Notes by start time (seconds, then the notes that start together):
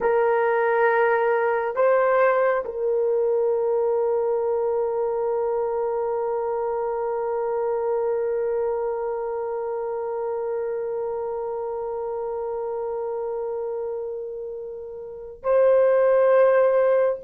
0.00 A#4
1.75 C5
2.64 A#4
15.42 C5